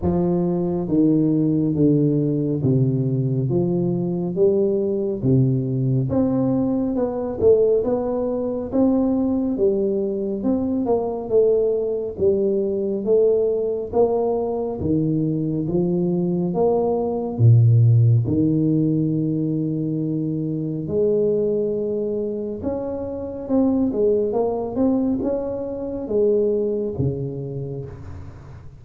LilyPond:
\new Staff \with { instrumentName = "tuba" } { \time 4/4 \tempo 4 = 69 f4 dis4 d4 c4 | f4 g4 c4 c'4 | b8 a8 b4 c'4 g4 | c'8 ais8 a4 g4 a4 |
ais4 dis4 f4 ais4 | ais,4 dis2. | gis2 cis'4 c'8 gis8 | ais8 c'8 cis'4 gis4 cis4 | }